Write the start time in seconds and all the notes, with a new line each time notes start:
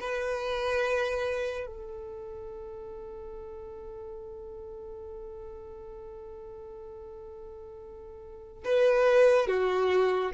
0.00 B4
1.66 A4
8.65 B4
9.47 F#4